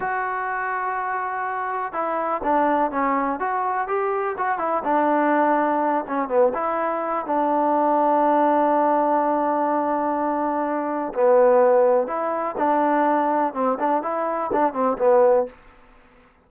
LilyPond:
\new Staff \with { instrumentName = "trombone" } { \time 4/4 \tempo 4 = 124 fis'1 | e'4 d'4 cis'4 fis'4 | g'4 fis'8 e'8 d'2~ | d'8 cis'8 b8 e'4. d'4~ |
d'1~ | d'2. b4~ | b4 e'4 d'2 | c'8 d'8 e'4 d'8 c'8 b4 | }